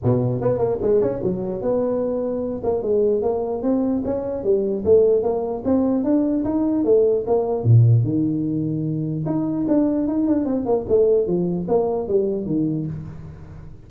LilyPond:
\new Staff \with { instrumentName = "tuba" } { \time 4/4 \tempo 4 = 149 b,4 b8 ais8 gis8 cis'8 fis4 | b2~ b8 ais8 gis4 | ais4 c'4 cis'4 g4 | a4 ais4 c'4 d'4 |
dis'4 a4 ais4 ais,4 | dis2. dis'4 | d'4 dis'8 d'8 c'8 ais8 a4 | f4 ais4 g4 dis4 | }